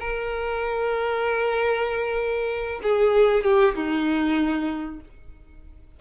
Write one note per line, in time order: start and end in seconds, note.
0.00 2.81 A#4
2.83 3.44 G#4
3.44 3.75 G4
3.75 5.00 D#4